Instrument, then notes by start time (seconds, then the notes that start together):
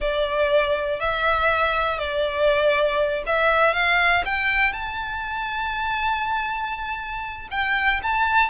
violin
0.00 D5
1.00 E5
1.98 D5
3.26 E5
3.73 F5
4.25 G5
4.72 A5
7.50 G5
8.03 A5